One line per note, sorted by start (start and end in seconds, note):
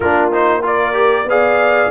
0.00 1.24 A#3
0.00 0.32 D4
0.00 0.62 F4
0.00 0.30 A#4
0.32 0.62 D#4
0.32 0.64 C5
0.62 0.93 F4
0.62 1.29 A#4
0.62 1.29 D5
0.93 1.25 G4
1.24 1.88 B3
1.24 1.91 G#4
1.24 1.91 D5
1.24 1.91 F5